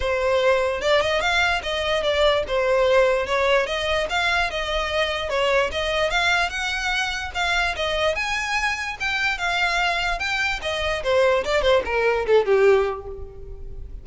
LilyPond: \new Staff \with { instrumentName = "violin" } { \time 4/4 \tempo 4 = 147 c''2 d''8 dis''8 f''4 | dis''4 d''4 c''2 | cis''4 dis''4 f''4 dis''4~ | dis''4 cis''4 dis''4 f''4 |
fis''2 f''4 dis''4 | gis''2 g''4 f''4~ | f''4 g''4 dis''4 c''4 | d''8 c''8 ais'4 a'8 g'4. | }